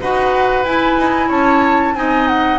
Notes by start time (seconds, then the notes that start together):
0.00 D#4 F#4 B4 F#5
0.64 E4 G#5
0.97 D#4
1.28 C#4 C#5 A5
1.94 C4 D#4 D#5 G#5
2.27 F#5